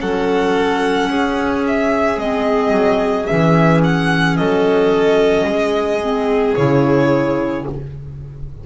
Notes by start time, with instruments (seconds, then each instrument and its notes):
0.00 double bass F#3, clarinet C#4, violin A4 F#5
1.08 double bass C#4, violin G#4
1.67 violin E5
2.17 double bass G#3, clarinet C4, violin D#5
2.71 double bass F#3
3.25 clarinet C#4, violin E5
3.31 double bass E3
3.83 violin F#5
4.36 double bass F#3, violin A4 D#5
5.43 double bass G#3, violin G#4
6.01 clarinet C4
6.55 double bass C#3, clarinet E4, violin C#5